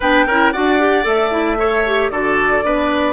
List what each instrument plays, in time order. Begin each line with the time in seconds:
0.00 bassoon B3, clarinet D4, oboe B4, flute G5
0.26 bassoon C#4, clarinet E4, oboe A#4
0.52 bassoon D4, clarinet F#4, oboe D5, flute F#5
0.79 clarinet G4
1.03 bassoon A3, clarinet A4, flute E5
1.30 clarinet E4
1.57 clarinet A4, oboe C#5
1.86 clarinet G4
2.10 bassoon D3, clarinet F#4, oboe A4, flute D5
2.62 bassoon B3, clarinet D4, oboe B4